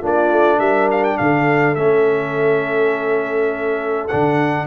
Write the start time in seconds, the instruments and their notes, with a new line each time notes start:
0.00 tuba A#3, trombone D4, horn F4
0.07 trumpet D5
0.32 tuba A3
0.59 tuba G3, horn A#4, trumpet E5
0.91 trumpet F5
1.04 trumpet G5
1.18 tuba D3, horn A4, trumpet F5
1.75 tuba A3, trombone C#4, trumpet E5
4.08 tuba D3, trombone D4, trumpet F#5